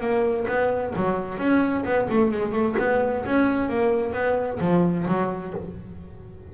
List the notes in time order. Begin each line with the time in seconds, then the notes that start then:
0.00 A#3
0.47 B3
0.96 F#3
1.38 C#4
1.85 B3
2.09 A3
2.31 G#3
2.52 A3
2.79 B3
3.25 C#4
3.69 A#3
4.13 B3
4.60 F3
5.08 F#3